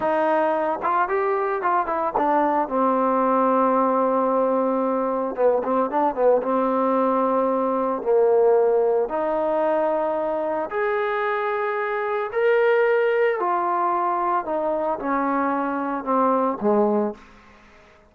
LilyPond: \new Staff \with { instrumentName = "trombone" } { \time 4/4 \tempo 4 = 112 dis'4. f'8 g'4 f'8 e'8 | d'4 c'2.~ | c'2 b8 c'8 d'8 b8 | c'2. ais4~ |
ais4 dis'2. | gis'2. ais'4~ | ais'4 f'2 dis'4 | cis'2 c'4 gis4 | }